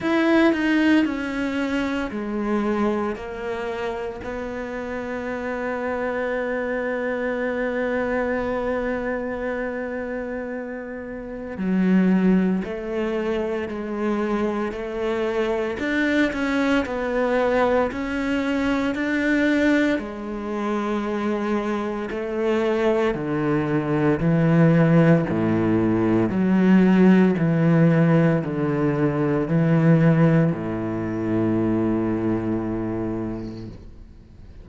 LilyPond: \new Staff \with { instrumentName = "cello" } { \time 4/4 \tempo 4 = 57 e'8 dis'8 cis'4 gis4 ais4 | b1~ | b2. fis4 | a4 gis4 a4 d'8 cis'8 |
b4 cis'4 d'4 gis4~ | gis4 a4 d4 e4 | a,4 fis4 e4 d4 | e4 a,2. | }